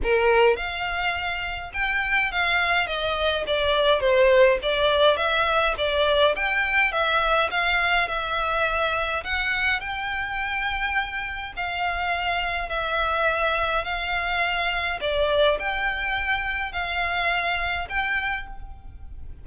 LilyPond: \new Staff \with { instrumentName = "violin" } { \time 4/4 \tempo 4 = 104 ais'4 f''2 g''4 | f''4 dis''4 d''4 c''4 | d''4 e''4 d''4 g''4 | e''4 f''4 e''2 |
fis''4 g''2. | f''2 e''2 | f''2 d''4 g''4~ | g''4 f''2 g''4 | }